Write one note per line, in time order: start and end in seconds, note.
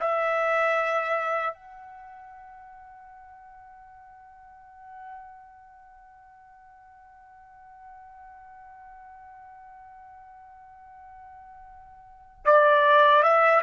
0.00 1.54 E5
1.54 12.45 F#5
12.45 13.23 D5
13.23 13.62 E5